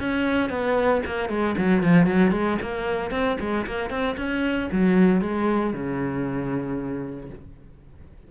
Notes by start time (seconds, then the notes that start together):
0.00 C#4
0.50 B3
1.06 A#3
1.30 G#3
1.58 F#3
1.83 F3
2.07 F#3
2.32 G#3
2.62 A#3
3.11 C4
3.40 G#3
3.67 A#3
3.90 C4
4.18 C#4
4.72 F#3
5.22 G#3
5.74 C#3